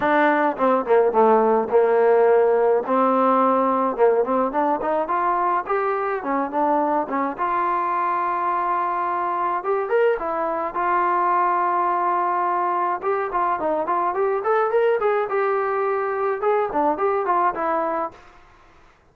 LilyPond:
\new Staff \with { instrumentName = "trombone" } { \time 4/4 \tempo 4 = 106 d'4 c'8 ais8 a4 ais4~ | ais4 c'2 ais8 c'8 | d'8 dis'8 f'4 g'4 cis'8 d'8~ | d'8 cis'8 f'2.~ |
f'4 g'8 ais'8 e'4 f'4~ | f'2. g'8 f'8 | dis'8 f'8 g'8 a'8 ais'8 gis'8 g'4~ | g'4 gis'8 d'8 g'8 f'8 e'4 | }